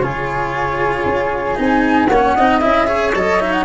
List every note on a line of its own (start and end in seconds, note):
0.00 1.05 C#3
0.00 1.56 F4
0.00 2.10 G#4
0.00 1.57 C#5
1.05 1.57 C#4
1.56 2.09 C4
1.56 2.08 D#4
1.56 2.07 G#5
2.07 2.35 A#3
2.07 2.36 C#5
2.07 2.59 F#5
2.13 2.39 C#4
2.36 2.64 C4
2.36 2.62 D#4
2.36 2.88 D#5
2.59 3.15 C#4
2.59 2.87 E4
2.59 3.12 E5
2.87 3.13 G#4
2.87 3.65 C#5
3.15 3.65 F#3
3.15 3.40 A4
3.15 3.41 D#5
3.40 3.65 D#4
3.40 3.52 E5
3.52 3.65 F#5